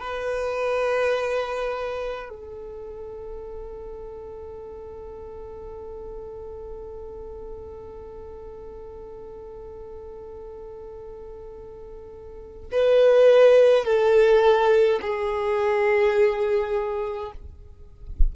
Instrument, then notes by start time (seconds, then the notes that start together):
violin
0.00 B4
2.29 A4
12.71 B4
13.84 A4
15.01 G#4